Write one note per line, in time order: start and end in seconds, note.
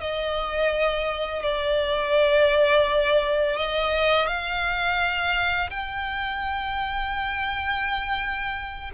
0.00 1.42 D#5
1.42 3.56 D5
3.56 4.27 D#5
4.27 5.70 F5
5.70 8.91 G5